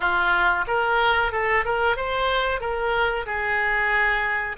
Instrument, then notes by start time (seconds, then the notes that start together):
oboe
0.00 F4
0.67 A#4
1.32 A4
1.65 A#4
1.96 C5
2.60 A#4
3.25 G#4